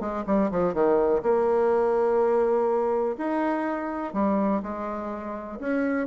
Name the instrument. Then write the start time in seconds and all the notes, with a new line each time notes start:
bassoon
0.00 G#3
0.26 G3
0.51 F3
0.74 D#3
1.23 A#3
3.18 D#4
4.13 G3
4.62 G#3
5.60 C#4